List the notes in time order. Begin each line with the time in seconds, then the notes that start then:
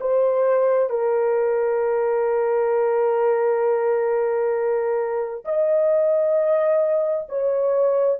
0.00 C5
0.89 A#4
5.45 D#5
7.29 C#5